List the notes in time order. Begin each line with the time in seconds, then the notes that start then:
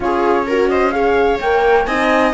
0.00 C#4 F4 G#4 C#5
0.46 F#4 A#4
0.69 C5 D#5
0.91 G#4 C#5 F5
1.40 A#3 A#4 G5
1.85 C4 D#4 D#5 G#5